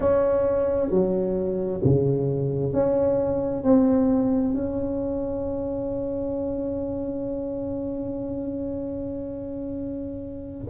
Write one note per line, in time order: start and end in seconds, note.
0.00 0.90 C#4
0.90 1.81 F#3
1.83 2.72 C#3
2.72 3.63 C#4
3.63 4.53 C4
4.53 10.67 C#4